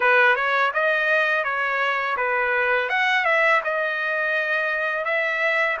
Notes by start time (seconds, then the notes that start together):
0.00 B4
0.35 C#5
0.73 D#5
1.44 C#5
2.17 B4
2.89 F#5
3.25 E5
3.63 D#5
5.04 E5